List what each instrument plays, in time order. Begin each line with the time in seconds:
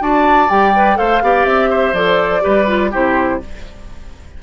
0.00 bassoon D4, clarinet F#4, oboe D5, flute A5
0.49 bassoon G3, clarinet G4, flute G5
0.76 clarinet B4
0.96 bassoon A3, clarinet A4, oboe C5, flute F5
1.22 bassoon B3, clarinet G4, oboe D5
1.45 bassoon C4, flute E5
1.70 oboe C5
1.93 bassoon F3, clarinet A4, flute D5
2.41 bassoon G3, clarinet G4, oboe B4
2.67 clarinet F4
2.91 bassoon C3, clarinet E4, oboe G4, flute C5